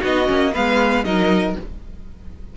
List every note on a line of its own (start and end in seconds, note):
0.00 0.29 B3
0.00 0.25 D#4
0.00 0.51 F#4
0.00 0.54 D#5
0.25 0.54 A#3
0.25 0.51 C#4
0.53 1.04 G#3
0.53 1.04 B3
0.53 1.04 B4
0.53 1.04 F5
1.04 1.55 F#3
1.04 1.55 D#4
1.04 1.56 A#4
1.04 1.55 D#5